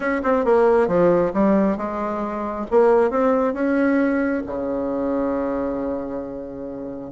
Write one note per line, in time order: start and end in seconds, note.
0.00 0.21 C#4
0.23 0.44 C4
0.44 0.87 A#3
0.87 1.32 F3
1.33 1.77 G3
1.77 2.65 G#3
2.70 3.10 A#3
3.10 3.53 C4
3.53 4.42 C#4
4.46 7.11 C#3